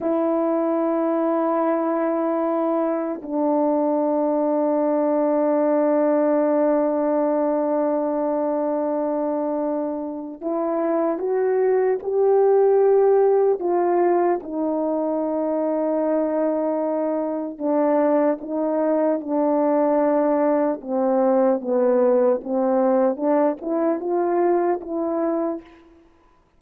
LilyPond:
\new Staff \with { instrumentName = "horn" } { \time 4/4 \tempo 4 = 75 e'1 | d'1~ | d'1~ | d'4 e'4 fis'4 g'4~ |
g'4 f'4 dis'2~ | dis'2 d'4 dis'4 | d'2 c'4 b4 | c'4 d'8 e'8 f'4 e'4 | }